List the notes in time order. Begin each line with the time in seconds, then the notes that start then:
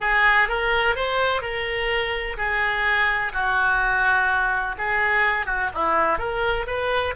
0.00 G#4
0.48 A#4
0.95 C5
1.41 A#4
2.37 G#4
3.32 F#4
4.77 G#4
5.46 F#4
5.74 E4
6.18 A#4
6.66 B4